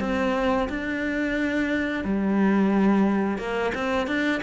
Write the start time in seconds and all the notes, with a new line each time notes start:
0.00 C4
0.69 D4
2.04 G3
3.38 A#3
3.74 C4
4.07 D4